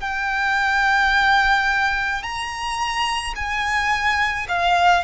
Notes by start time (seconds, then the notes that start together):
0.00 G5
2.22 A#5
3.35 G#5
4.48 F5